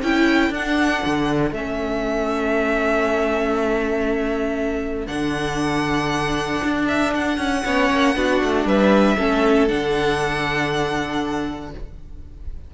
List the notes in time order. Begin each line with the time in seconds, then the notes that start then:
0.00 C#4 E4 A4 G5
0.50 D4 F#5
1.06 D3
1.51 A3 C#4 E5
5.07 D3 D4 F#5
6.64 D4
6.88 E5
7.14 F#5
7.38 C#4
7.65 B3 C#4 C#5
7.91 A#3
8.15 B3 D4 F#4
8.44 A3
8.66 G3 B4 E5
9.17 A3 C#4 A4
9.68 D3 D4 F#5